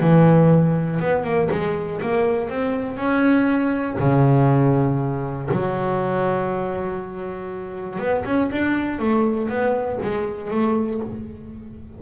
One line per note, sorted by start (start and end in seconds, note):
0.00 1.00 E3
1.00 1.24 B3
1.24 1.49 A#3
1.50 2.00 G#3
2.01 2.49 A#3
2.49 2.97 C4
2.97 3.97 C#4
3.99 5.49 C#3
5.51 7.99 F#3
7.99 8.24 B3
8.25 8.50 C#4
8.51 8.99 D4
8.99 9.49 A3
9.49 9.99 B3
10.02 10.50 G#3
10.50 11.00 A3